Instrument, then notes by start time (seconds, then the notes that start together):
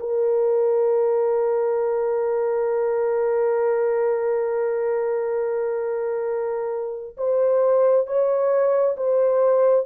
horn
0.00 A#4
7.17 C5
8.07 C#5
8.97 C5